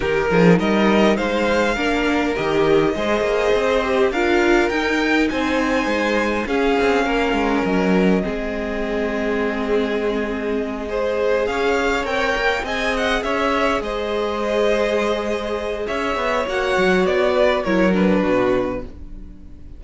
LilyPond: <<
  \new Staff \with { instrumentName = "violin" } { \time 4/4 \tempo 4 = 102 ais'4 dis''4 f''2 | dis''2. f''4 | g''4 gis''2 f''4~ | f''4 dis''2.~ |
dis''2.~ dis''8 f''8~ | f''8 g''4 gis''8 fis''8 e''4 dis''8~ | dis''2. e''4 | fis''4 d''4 cis''8 b'4. | }
  \new Staff \with { instrumentName = "violin" } { \time 4/4 g'8 gis'8 ais'4 c''4 ais'4~ | ais'4 c''2 ais'4~ | ais'4 c''2 gis'4 | ais'2 gis'2~ |
gis'2~ gis'8 c''4 cis''8~ | cis''4. dis''4 cis''4 c''8~ | c''2. cis''4~ | cis''4. b'8 ais'4 fis'4 | }
  \new Staff \with { instrumentName = "viola" } { \time 4/4 dis'2. d'4 | g'4 gis'4. g'8 f'4 | dis'2. cis'4~ | cis'2 c'2~ |
c'2~ c'8 gis'4.~ | gis'8 ais'4 gis'2~ gis'8~ | gis'1 | fis'2 e'8 d'4. | }
  \new Staff \with { instrumentName = "cello" } { \time 4/4 dis8 f8 g4 gis4 ais4 | dis4 gis8 ais8 c'4 d'4 | dis'4 c'4 gis4 cis'8 c'8 | ais8 gis8 fis4 gis2~ |
gis2.~ gis8 cis'8~ | cis'8 c'8 ais8 c'4 cis'4 gis8~ | gis2. cis'8 b8 | ais8 fis8 b4 fis4 b,4 | }
>>